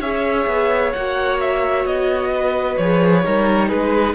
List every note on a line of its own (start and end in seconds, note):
0.00 0.46 C#4
0.00 0.94 G#4
0.00 2.31 C#5
0.00 0.92 E5
0.47 0.93 B3
0.92 1.86 A#3
0.92 2.81 F#4
0.92 1.39 F#5
1.40 1.86 E5
1.86 2.78 B3
1.86 2.77 D#5
2.36 3.25 B4
2.77 3.25 F3
2.77 3.25 G#4
2.77 3.69 C#5
3.25 3.73 G3
3.25 4.15 D#4
3.25 3.69 A#4
3.69 4.15 G#3
3.69 4.15 G#4
3.69 4.15 B4